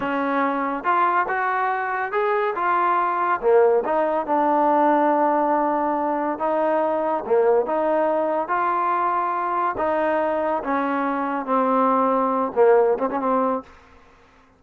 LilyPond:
\new Staff \with { instrumentName = "trombone" } { \time 4/4 \tempo 4 = 141 cis'2 f'4 fis'4~ | fis'4 gis'4 f'2 | ais4 dis'4 d'2~ | d'2. dis'4~ |
dis'4 ais4 dis'2 | f'2. dis'4~ | dis'4 cis'2 c'4~ | c'4. ais4 c'16 cis'16 c'4 | }